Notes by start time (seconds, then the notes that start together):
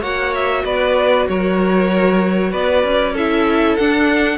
0.00 A#3 F#4 C#5 F#5
0.34 E5
0.64 B3 B4 D5
1.28 F#3 A#4 C#5
2.51 B3 B4 D5
2.83 C#4
3.13 E4 A4 E5
3.76 D4 F#5